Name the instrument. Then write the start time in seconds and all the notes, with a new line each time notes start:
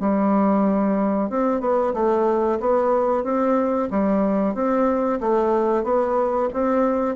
bassoon
0.00 G3
1.30 C4
1.60 B3
1.93 A3
2.60 B3
3.23 C4
3.90 G3
4.54 C4
5.20 A3
5.84 B3
6.53 C4